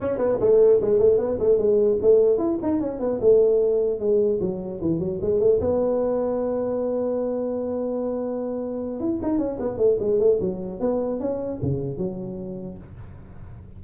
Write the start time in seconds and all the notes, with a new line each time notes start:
0.00 C#4
0.18 B3
0.40 A3
0.81 G#3
0.99 A3
1.17 B3
1.39 A3
1.58 G#3
2.01 A3
2.38 E4
2.62 D#4
2.80 C#4
2.99 B3
3.20 A3
3.99 G#3
4.40 F#3
4.81 E3
4.99 F#3
5.21 G#3
5.40 A3
5.60 B3
9.00 E4
9.22 D#4
9.38 C#4
9.59 B3
9.77 A3
9.99 G#3
10.19 A3
10.40 F#3
10.80 B3
11.19 C#4
11.62 C#3
11.97 F#3